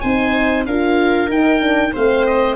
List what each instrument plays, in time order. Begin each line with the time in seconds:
0.00 tuba C4, horn D#4, viola C5, oboe G#5
0.66 tuba D4, horn F4, viola A#4, oboe F5
1.29 tuba D#4, horn D#4, oboe G5
1.60 horn D4
1.93 tuba A3, horn C4, viola C5, oboe F5
2.26 oboe D#5